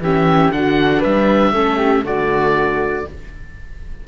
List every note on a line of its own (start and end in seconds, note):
0.00 0.51 E3
0.00 0.52 C#4
0.00 0.54 G4
0.00 0.52 E5
0.52 1.04 D3
0.52 1.54 D4
0.52 0.99 F#4
0.52 1.03 F#5
0.99 1.52 G3
0.99 1.50 B4
0.99 2.05 E5
1.52 2.03 A3
1.52 2.04 C#4
1.52 1.77 A4
1.77 2.02 G4
2.04 3.06 D3
2.04 3.06 A3
2.04 3.06 F#4
2.04 3.08 D5